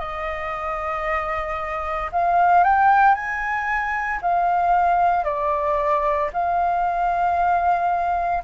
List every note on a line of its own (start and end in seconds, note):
0.00 2.11 D#5
2.12 2.64 F5
2.64 3.15 G5
3.15 4.20 G#5
4.22 5.24 F5
5.24 6.30 D5
6.33 8.44 F5